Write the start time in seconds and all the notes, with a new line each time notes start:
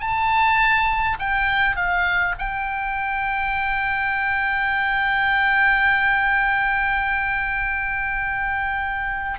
0.00 A5
1.19 G5
1.76 F5
2.39 G5